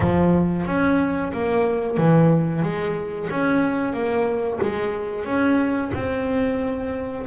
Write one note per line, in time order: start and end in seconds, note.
0.00 0.66 F3
0.66 1.32 C#4
1.32 1.97 A#3
1.97 2.62 E3
2.62 3.28 G#3
3.30 3.93 C#4
3.93 4.59 A#3
4.62 5.25 G#3
5.25 5.91 C#4
5.93 7.25 C4